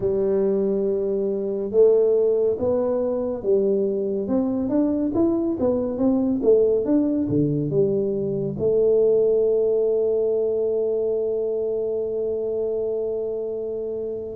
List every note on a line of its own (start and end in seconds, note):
0.00 1.71 G3
1.71 2.56 A3
2.58 3.42 B3
3.42 4.27 G3
4.27 4.69 C4
4.69 5.12 D4
5.14 5.57 E4
5.59 5.98 B3
5.98 6.41 C4
6.42 6.85 A3
6.85 7.28 D4
7.29 7.70 D3
7.70 8.56 G3
8.58 14.35 A3